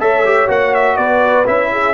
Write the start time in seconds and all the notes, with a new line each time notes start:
0.00 A3 A4 C#5 E5
0.25 G4
0.48 A#3 F#4 F#5
0.75 E5
0.97 B3 B4 D5
1.47 C#4 E4 E5
1.72 G#4